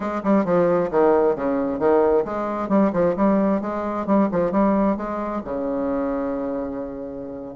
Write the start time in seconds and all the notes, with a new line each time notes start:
0.00 G#3
0.23 G3
0.44 F3
0.90 D#3
1.35 C#3
1.79 D#3
2.24 G#3
2.68 G3
2.92 F3
3.16 G3
3.61 G#3
4.06 G3
4.31 F3
4.51 G3
4.96 G#3
5.44 C#3